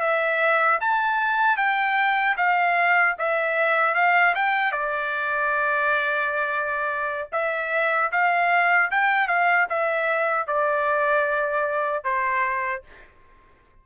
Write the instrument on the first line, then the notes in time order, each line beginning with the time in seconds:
trumpet
0.00 E5
0.80 A5
1.57 G5
2.37 F5
3.18 E5
3.95 F5
4.35 G5
4.72 D5
7.32 E5
8.12 F5
8.91 G5
9.28 F5
9.69 E5
10.47 D5
12.04 C5